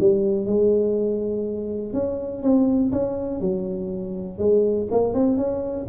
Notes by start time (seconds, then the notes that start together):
0.00 G3
0.46 G#3
1.93 C#4
2.42 C4
2.92 C#4
3.40 F#3
4.38 G#3
4.91 A#3
5.14 C4
5.37 C#4